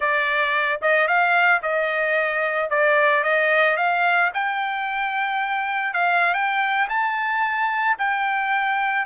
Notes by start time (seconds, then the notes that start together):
0.00 D5
0.81 D#5
1.07 F5
1.62 D#5
2.70 D5
3.23 D#5
3.77 F5
4.34 G5
5.93 F5
6.34 G5
6.89 A5
7.98 G5